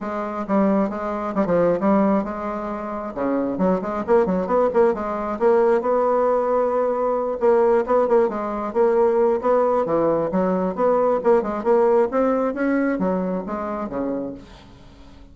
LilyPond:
\new Staff \with { instrumentName = "bassoon" } { \time 4/4 \tempo 4 = 134 gis4 g4 gis4 g16 f8. | g4 gis2 cis4 | fis8 gis8 ais8 fis8 b8 ais8 gis4 | ais4 b2.~ |
b8 ais4 b8 ais8 gis4 ais8~ | ais4 b4 e4 fis4 | b4 ais8 gis8 ais4 c'4 | cis'4 fis4 gis4 cis4 | }